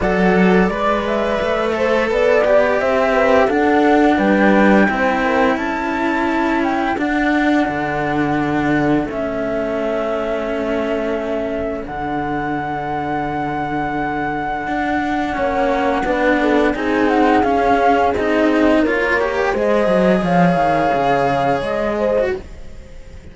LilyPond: <<
  \new Staff \with { instrumentName = "flute" } { \time 4/4 \tempo 4 = 86 fis''4 d''8 e''4. d''4 | e''4 fis''4 g''2 | a''4. g''8 fis''2~ | fis''4 e''2.~ |
e''4 fis''2.~ | fis''1 | gis''8 fis''8 f''4 dis''4 cis''4 | dis''4 f''2 dis''4 | }
  \new Staff \with { instrumentName = "horn" } { \time 4/4 d''2~ d''8 c''8 b'8 d''8 | c''8 b'8 a'4 b'4 c''8 ais'8 | a'1~ | a'1~ |
a'1~ | a'2 cis''4 b'8 a'8 | gis'2. ais'4 | c''4 cis''2~ cis''8 c''8 | }
  \new Staff \with { instrumentName = "cello" } { \time 4/4 a'4 b'4. a'4 g'8~ | g'4 d'2 e'4~ | e'2 d'2~ | d'4 cis'2.~ |
cis'4 d'2.~ | d'2 cis'4 d'4 | dis'4 cis'4 dis'4 f'8 g'8 | gis'2.~ gis'8. fis'16 | }
  \new Staff \with { instrumentName = "cello" } { \time 4/4 fis4 gis4 a4 b4 | c'4 d'4 g4 c'4 | cis'2 d'4 d4~ | d4 a2.~ |
a4 d2.~ | d4 d'4 ais4 b4 | c'4 cis'4 c'4 ais4 | gis8 fis8 f8 dis8 cis4 gis4 | }
>>